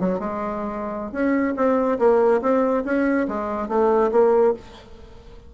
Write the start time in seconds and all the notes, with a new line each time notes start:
0.00 F#3
0.20 G#3
1.12 C#4
1.56 C4
1.99 A#3
2.42 C4
2.85 C#4
3.28 G#3
3.69 A3
4.12 A#3